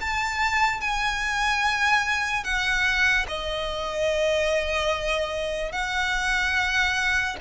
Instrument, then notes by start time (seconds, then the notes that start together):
violin
0.00 A5
0.81 G#5
2.44 F#5
3.28 D#5
5.72 F#5